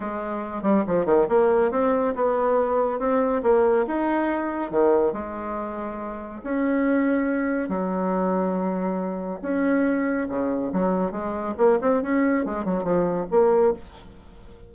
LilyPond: \new Staff \with { instrumentName = "bassoon" } { \time 4/4 \tempo 4 = 140 gis4. g8 f8 dis8 ais4 | c'4 b2 c'4 | ais4 dis'2 dis4 | gis2. cis'4~ |
cis'2 fis2~ | fis2 cis'2 | cis4 fis4 gis4 ais8 c'8 | cis'4 gis8 fis8 f4 ais4 | }